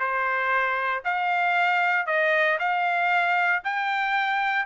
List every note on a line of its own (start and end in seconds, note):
0.00 1.03 C5
1.05 2.07 F5
2.07 2.59 D#5
2.60 3.63 F5
3.64 4.66 G5